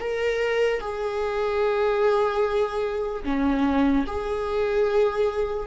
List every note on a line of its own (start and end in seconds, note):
0.00 0.80 A#4
0.80 3.23 G#4
3.24 4.05 C#4
4.07 5.67 G#4